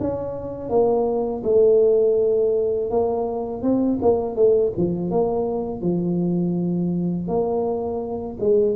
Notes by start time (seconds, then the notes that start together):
0.00 C#4
0.70 A#3
1.44 A3
2.91 A#3
3.63 C4
4.02 A#3
4.36 A3
4.77 F3
5.11 A#3
5.82 F3
7.28 A#3
8.40 G#3